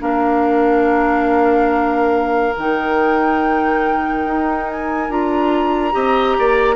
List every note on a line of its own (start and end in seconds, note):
0.00 2.55 A#3
0.00 2.54 D4
0.00 5.93 A#4
0.00 2.56 F5
2.57 4.26 D#3
2.57 5.10 D#4
2.57 4.71 G5
4.26 5.09 D#4
4.71 5.11 G#5
5.09 5.94 D4
5.09 5.92 F4
5.09 6.76 A#5
5.92 6.37 C4
5.92 6.76 G4
5.92 6.37 D#5
6.39 6.76 A#3
6.39 6.76 D5